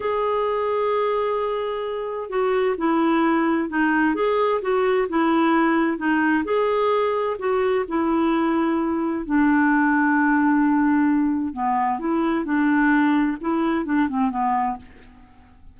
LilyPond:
\new Staff \with { instrumentName = "clarinet" } { \time 4/4 \tempo 4 = 130 gis'1~ | gis'4 fis'4 e'2 | dis'4 gis'4 fis'4 e'4~ | e'4 dis'4 gis'2 |
fis'4 e'2. | d'1~ | d'4 b4 e'4 d'4~ | d'4 e'4 d'8 c'8 b4 | }